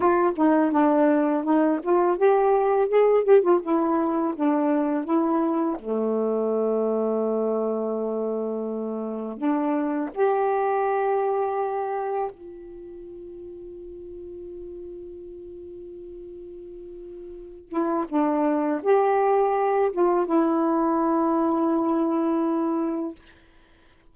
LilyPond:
\new Staff \with { instrumentName = "saxophone" } { \time 4/4 \tempo 4 = 83 f'8 dis'8 d'4 dis'8 f'8 g'4 | gis'8 g'16 f'16 e'4 d'4 e'4 | a1~ | a4 d'4 g'2~ |
g'4 f'2.~ | f'1~ | f'8 e'8 d'4 g'4. f'8 | e'1 | }